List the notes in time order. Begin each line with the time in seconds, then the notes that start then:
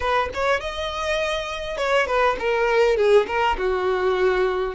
0.00 B4
0.33 C#5
0.60 D#5
1.77 C#5
2.06 B4
2.39 A#4
2.96 G#4
3.27 A#4
3.57 F#4